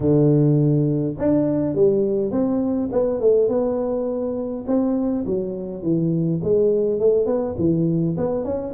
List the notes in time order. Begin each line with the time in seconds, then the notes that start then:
0.00 D3
1.18 D4
1.74 G3
2.31 C4
2.92 B3
3.20 A3
3.48 B3
4.67 C4
5.26 F#3
5.82 E3
6.43 G#3
6.99 A3
7.26 B3
7.58 E3
8.17 B3
8.44 C#4